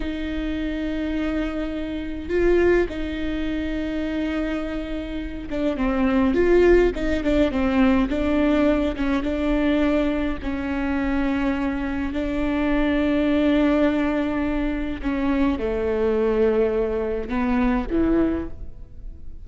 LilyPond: \new Staff \with { instrumentName = "viola" } { \time 4/4 \tempo 4 = 104 dis'1 | f'4 dis'2.~ | dis'4. d'8 c'4 f'4 | dis'8 d'8 c'4 d'4. cis'8 |
d'2 cis'2~ | cis'4 d'2.~ | d'2 cis'4 a4~ | a2 b4 e4 | }